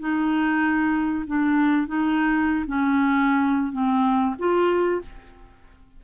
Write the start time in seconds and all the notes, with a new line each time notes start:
0.00 D#4
1.27 D4
1.88 D#4
2.67 C#4
3.73 C4
4.39 F4